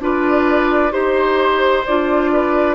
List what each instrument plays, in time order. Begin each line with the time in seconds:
0.00 bassoon D4, clarinet F4, oboe B4, flute D5
0.91 bassoon D#4, clarinet G4, flute C5, oboe C5
1.86 bassoon D4, clarinet F4, flute D5
2.33 oboe B4